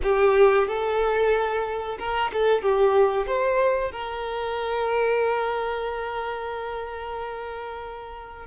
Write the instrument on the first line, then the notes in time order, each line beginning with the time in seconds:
violin
0.02 G4
0.67 A4
1.98 A#4
2.32 A4
2.62 G4
3.26 C5
3.91 A#4